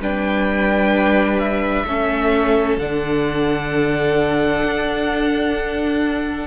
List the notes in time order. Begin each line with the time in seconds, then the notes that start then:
0.00 G3 D4 B4 G5
1.39 E5
1.85 A3 C#4 A4
2.78 D3 D4 F#5
4.64 D4